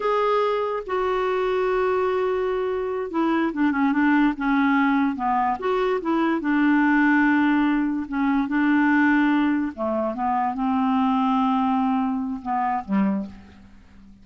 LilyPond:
\new Staff \with { instrumentName = "clarinet" } { \time 4/4 \tempo 4 = 145 gis'2 fis'2~ | fis'2.~ fis'8 e'8~ | e'8 d'8 cis'8 d'4 cis'4.~ | cis'8 b4 fis'4 e'4 d'8~ |
d'2.~ d'8 cis'8~ | cis'8 d'2. a8~ | a8 b4 c'2~ c'8~ | c'2 b4 g4 | }